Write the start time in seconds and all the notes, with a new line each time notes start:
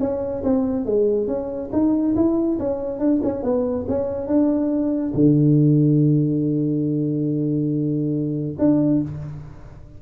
0.00 C#4
0.44 C4
0.86 G#3
1.27 C#4
1.73 D#4
2.16 E4
2.59 C#4
3.00 D4
3.24 C#4
3.43 B3
3.89 C#4
4.27 D4
5.14 D3
8.59 D4